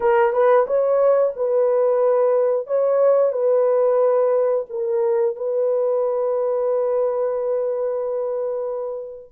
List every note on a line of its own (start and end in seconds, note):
0.00 0.32 A#4
0.32 0.65 B4
0.66 1.33 C#5
1.36 2.66 B4
2.66 3.32 C#5
3.32 4.65 B4
4.69 5.36 A#4
5.36 9.32 B4